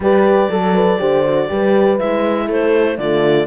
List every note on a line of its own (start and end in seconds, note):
0.00 0.48 G3
0.00 0.49 G4
0.00 0.50 B4
0.00 1.99 D5
0.49 0.98 F#3
0.49 0.99 A4
0.49 0.74 A4
0.74 0.99 B4
0.99 1.49 D3
0.99 1.24 G4
0.99 1.49 C5
1.25 1.48 F#4
1.48 2.00 G3
1.48 1.98 G4
1.48 2.46 B4
1.98 2.48 G#3
1.98 2.98 E4
1.98 2.48 E5
2.46 2.97 A3
2.46 2.95 A4
2.46 2.97 C5
2.97 3.46 D3
2.97 3.46 A3
2.97 3.46 F4
2.97 3.46 D5